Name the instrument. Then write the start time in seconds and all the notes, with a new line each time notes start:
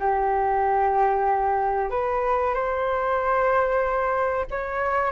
flute
0.00 G4
1.91 B4
2.54 C5
4.51 C#5